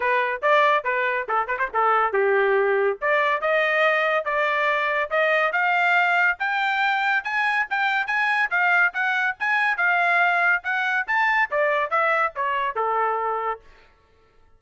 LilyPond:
\new Staff \with { instrumentName = "trumpet" } { \time 4/4 \tempo 4 = 141 b'4 d''4 b'4 a'8 b'16 c''16 | a'4 g'2 d''4 | dis''2 d''2 | dis''4 f''2 g''4~ |
g''4 gis''4 g''4 gis''4 | f''4 fis''4 gis''4 f''4~ | f''4 fis''4 a''4 d''4 | e''4 cis''4 a'2 | }